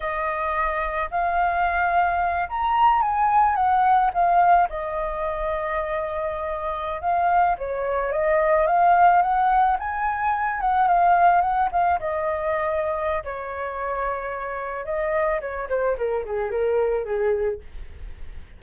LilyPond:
\new Staff \with { instrumentName = "flute" } { \time 4/4 \tempo 4 = 109 dis''2 f''2~ | f''8 ais''4 gis''4 fis''4 f''8~ | f''8 dis''2.~ dis''8~ | dis''8. f''4 cis''4 dis''4 f''16~ |
f''8. fis''4 gis''4. fis''8 f''16~ | f''8. fis''8 f''8 dis''2~ dis''16 | cis''2. dis''4 | cis''8 c''8 ais'8 gis'8 ais'4 gis'4 | }